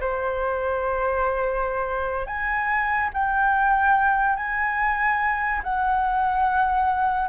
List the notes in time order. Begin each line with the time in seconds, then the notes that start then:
0.00 C5
2.27 G#5
3.13 G5
4.36 G#5
5.63 F#5